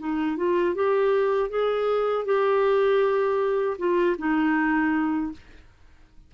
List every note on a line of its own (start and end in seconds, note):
0.00 0.37 D#4
0.37 0.75 F4
0.76 1.50 G4
1.50 2.26 G#4
2.26 3.78 G4
3.79 4.17 F4
4.18 5.32 D#4